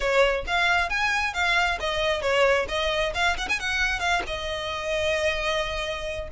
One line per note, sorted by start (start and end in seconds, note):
0.00 0.45 C#5
0.46 0.89 F5
0.89 1.33 G#5
1.33 1.78 F5
1.80 2.21 D#5
2.21 2.66 C#5
2.68 3.13 D#5
3.14 3.36 F5
3.37 3.48 F#5
3.48 3.59 G#5
3.59 3.99 F#5
3.99 4.22 F5
4.27 6.28 D#5